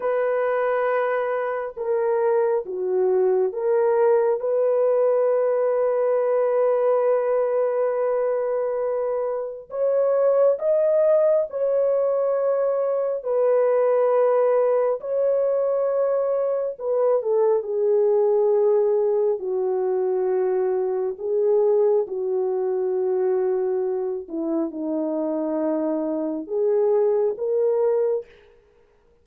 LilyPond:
\new Staff \with { instrumentName = "horn" } { \time 4/4 \tempo 4 = 68 b'2 ais'4 fis'4 | ais'4 b'2.~ | b'2. cis''4 | dis''4 cis''2 b'4~ |
b'4 cis''2 b'8 a'8 | gis'2 fis'2 | gis'4 fis'2~ fis'8 e'8 | dis'2 gis'4 ais'4 | }